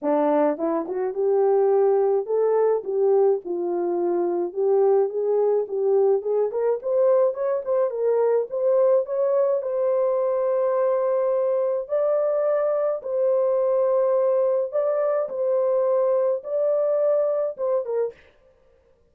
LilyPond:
\new Staff \with { instrumentName = "horn" } { \time 4/4 \tempo 4 = 106 d'4 e'8 fis'8 g'2 | a'4 g'4 f'2 | g'4 gis'4 g'4 gis'8 ais'8 | c''4 cis''8 c''8 ais'4 c''4 |
cis''4 c''2.~ | c''4 d''2 c''4~ | c''2 d''4 c''4~ | c''4 d''2 c''8 ais'8 | }